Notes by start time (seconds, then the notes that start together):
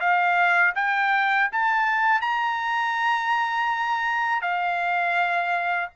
0.00 F5
0.75 G5
1.52 A5
2.21 A#5
4.42 F5